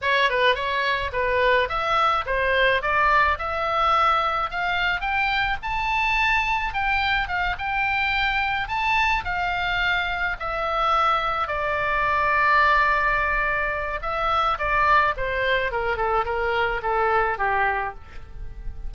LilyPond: \new Staff \with { instrumentName = "oboe" } { \time 4/4 \tempo 4 = 107 cis''8 b'8 cis''4 b'4 e''4 | c''4 d''4 e''2 | f''4 g''4 a''2 | g''4 f''8 g''2 a''8~ |
a''8 f''2 e''4.~ | e''8 d''2.~ d''8~ | d''4 e''4 d''4 c''4 | ais'8 a'8 ais'4 a'4 g'4 | }